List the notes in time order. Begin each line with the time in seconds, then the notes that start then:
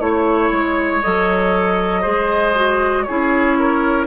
0.00 A3 E4 C#5
0.52 G#3
1.02 F#3 A4 D#5
2.01 G#3 G#4 C5
2.55 F#4
3.04 E4 G#4 C#5
3.10 C#4
3.59 A#4